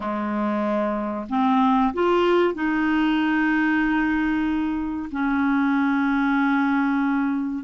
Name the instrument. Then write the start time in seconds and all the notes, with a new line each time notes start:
clarinet
0.00 G#3
1.29 C4
1.93 F4
2.54 D#4
5.11 C#4